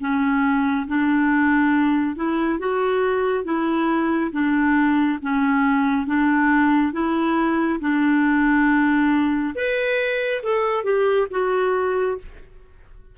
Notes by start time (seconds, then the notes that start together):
0.00 C#4
0.88 D4
2.16 E4
2.59 F#4
3.44 E4
4.32 D4
5.22 C#4
6.07 D4
6.92 E4
7.81 D4
9.55 B4
10.43 A4
10.84 G4
11.31 F#4